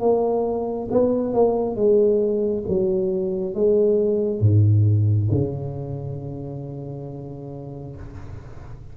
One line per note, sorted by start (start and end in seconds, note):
0.00 0.88 A#3
0.91 1.34 B3
1.34 1.75 A#3
1.75 2.64 G#3
2.68 3.55 F#3
3.55 4.40 G#3
4.40 5.29 G#2
5.31 7.96 C#3